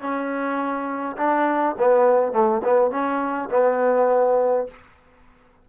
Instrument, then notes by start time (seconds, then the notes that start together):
trombone
0.00 C#4
1.17 D4
1.78 B3
2.32 A3
2.64 B3
2.91 C#4
3.51 B3